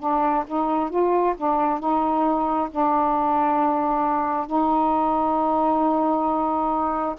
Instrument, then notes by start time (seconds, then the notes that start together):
saxophone
0.00 D4
0.48 D#4
0.90 F4
1.37 D4
1.80 D#4
2.72 D4
4.47 D#4